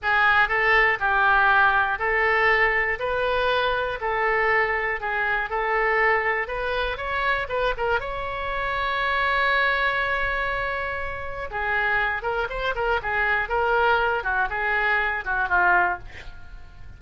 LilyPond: \new Staff \with { instrumentName = "oboe" } { \time 4/4 \tempo 4 = 120 gis'4 a'4 g'2 | a'2 b'2 | a'2 gis'4 a'4~ | a'4 b'4 cis''4 b'8 ais'8 |
cis''1~ | cis''2. gis'4~ | gis'8 ais'8 c''8 ais'8 gis'4 ais'4~ | ais'8 fis'8 gis'4. fis'8 f'4 | }